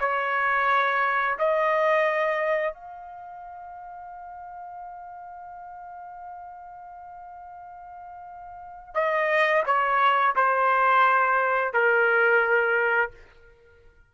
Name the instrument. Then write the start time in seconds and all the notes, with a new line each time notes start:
trumpet
0.00 C#5
1.39 D#5
2.74 F5
8.95 D#5
9.66 C#5
10.36 C5
11.74 A#4